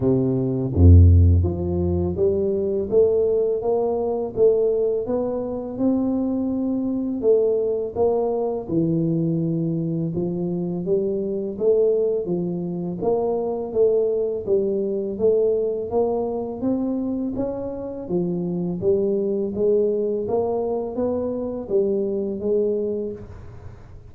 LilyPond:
\new Staff \with { instrumentName = "tuba" } { \time 4/4 \tempo 4 = 83 c4 f,4 f4 g4 | a4 ais4 a4 b4 | c'2 a4 ais4 | e2 f4 g4 |
a4 f4 ais4 a4 | g4 a4 ais4 c'4 | cis'4 f4 g4 gis4 | ais4 b4 g4 gis4 | }